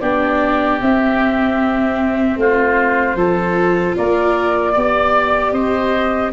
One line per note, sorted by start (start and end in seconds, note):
0.00 0.80 B3
0.00 0.80 D4
0.00 2.38 G4
0.00 0.79 D5
0.80 3.16 C4
0.80 2.36 C4
0.80 2.39 E5
2.36 3.14 A3
2.36 3.17 F4
2.36 3.96 C5
3.14 3.93 F3
3.14 4.74 F4
3.14 3.96 A4
3.96 4.76 A#3
3.96 4.72 A#4
3.96 5.52 D5
4.72 5.52 B3
4.72 6.32 G4
4.72 5.51 D5
5.52 6.31 C4
5.52 6.32 C5
5.52 6.31 D#5